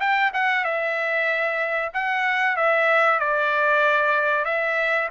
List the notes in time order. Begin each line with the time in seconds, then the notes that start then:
0.00 G5
0.34 F#5
0.64 E5
1.94 F#5
2.56 E5
3.19 D5
4.45 E5